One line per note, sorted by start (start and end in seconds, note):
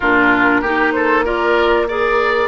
0.00 0.62 A#2
0.00 0.64 D4
0.00 0.61 F4
0.00 0.92 A#4
0.61 2.48 A#3
0.61 1.24 D#4
0.61 0.92 G4
0.92 1.24 A4
0.92 1.23 C5
1.24 1.87 F4
1.24 1.87 A#4
1.24 1.88 D5
1.88 2.48 G#4
1.88 2.48 A#4
1.88 2.48 D5